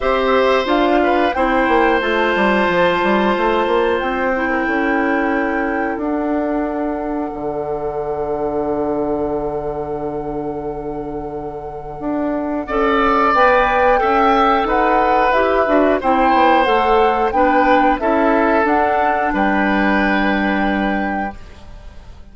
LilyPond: <<
  \new Staff \with { instrumentName = "flute" } { \time 4/4 \tempo 4 = 90 e''4 f''4 g''4 a''4~ | a''2 g''2~ | g''4 fis''2.~ | fis''1~ |
fis''1 | g''2 fis''4 e''4 | g''4 fis''4 g''4 e''4 | fis''4 g''2. | }
  \new Staff \with { instrumentName = "oboe" } { \time 4/4 c''4. b'8 c''2~ | c''2~ c''8. ais'16 a'4~ | a'1~ | a'1~ |
a'2. d''4~ | d''4 e''4 b'2 | c''2 b'4 a'4~ | a'4 b'2. | }
  \new Staff \with { instrumentName = "clarinet" } { \time 4/4 g'4 f'4 e'4 f'4~ | f'2~ f'8 e'4.~ | e'4 d'2.~ | d'1~ |
d'2. a'4 | b'4 a'2 g'8 fis'8 | e'4 a'4 d'4 e'4 | d'1 | }
  \new Staff \with { instrumentName = "bassoon" } { \time 4/4 c'4 d'4 c'8 ais8 a8 g8 | f8 g8 a8 ais8 c'4 cis'4~ | cis'4 d'2 d4~ | d1~ |
d2 d'4 cis'4 | b4 cis'4 dis'4 e'8 d'8 | c'8 b8 a4 b4 cis'4 | d'4 g2. | }
>>